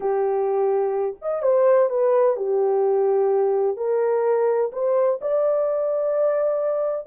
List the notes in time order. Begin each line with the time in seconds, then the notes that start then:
0.00 G4
1.21 D#5
1.42 C5
1.89 B4
2.36 G4
3.76 A#4
4.72 C5
5.21 D5